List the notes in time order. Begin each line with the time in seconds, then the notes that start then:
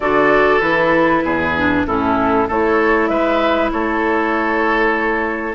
0.00 D3 F#4 A4 D5
0.60 E3 E4 B4
1.23 E2 G#4
1.57 D4
1.86 A2 C#4 E4 A4
2.48 A3 E4 A4 C#5
3.07 G#3 B4 E5
3.72 A3 A4 C#5